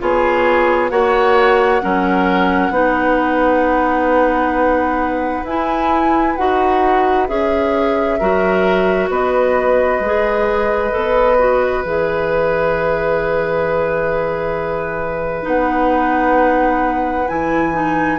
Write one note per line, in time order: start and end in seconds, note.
0.00 0.91 B3
0.00 0.91 F4
0.00 0.91 G#4
0.00 0.89 C#5
0.89 1.81 A#3
0.89 1.81 F#4
0.89 1.82 C#5
0.89 5.44 F#5
1.82 2.70 F#3
1.82 2.72 C#4
1.82 2.73 A#4
2.70 5.43 B3
2.70 5.45 D#4
2.70 8.18 B4
5.44 6.34 E4
5.44 6.38 E4
5.44 6.36 G#5
6.36 7.29 D#4
6.36 7.28 F#4
6.36 7.27 F#5
7.28 8.20 C#4
7.28 8.19 G#4
7.28 9.10 E5
8.19 9.09 F#3
8.19 10.02 F#4
8.19 9.10 A#4
9.09 10.00 B3
9.09 18.19 B4
9.09 11.83 D#5
10.00 10.91 G#3
10.00 10.91 G#4
10.91 11.84 B3
10.91 11.36 A4
11.39 11.84 F#4
11.83 15.46 E3
11.83 15.43 G#4
11.83 15.46 E5
15.43 17.28 B3
15.43 17.25 D#4
15.43 17.28 F#5
17.28 18.19 E3
17.28 17.73 E4
17.28 18.19 G#5
17.73 18.18 D#4